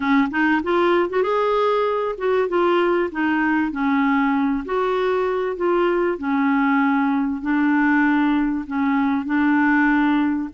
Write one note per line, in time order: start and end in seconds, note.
0.00 0.28 C#4
0.30 0.61 D#4
0.63 1.09 F4
1.09 1.23 F#4
1.23 2.15 G#4
2.17 2.48 F#4
2.48 3.10 F4
3.11 3.71 D#4
3.71 4.64 C#4
4.65 5.56 F#4
5.56 6.18 F4
6.18 7.41 C#4
7.41 8.65 D4
8.66 9.25 C#4
9.25 10.49 D4